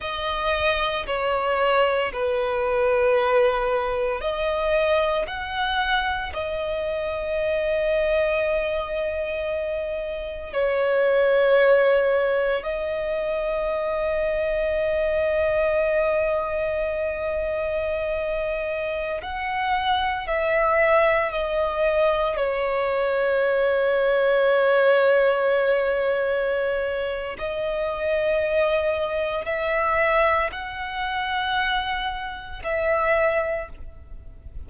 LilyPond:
\new Staff \with { instrumentName = "violin" } { \time 4/4 \tempo 4 = 57 dis''4 cis''4 b'2 | dis''4 fis''4 dis''2~ | dis''2 cis''2 | dis''1~ |
dis''2~ dis''16 fis''4 e''8.~ | e''16 dis''4 cis''2~ cis''8.~ | cis''2 dis''2 | e''4 fis''2 e''4 | }